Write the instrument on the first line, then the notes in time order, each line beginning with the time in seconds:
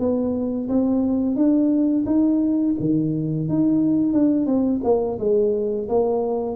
tuba
0.00 B3
0.69 C4
1.36 D4
2.06 D#4
2.80 D#3
3.49 D#4
4.13 D4
4.47 C4
4.84 A#3
5.20 G#3
5.89 A#3